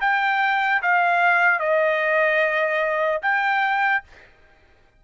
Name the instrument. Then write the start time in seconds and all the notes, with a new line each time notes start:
trumpet
0.00 G5
0.81 F5
1.59 D#5
3.22 G5